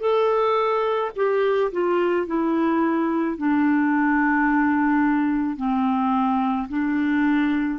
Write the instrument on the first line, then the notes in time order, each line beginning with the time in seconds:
clarinet
0.00 A4
1.16 G4
1.72 F4
2.27 E4
3.38 D4
5.57 C4
6.69 D4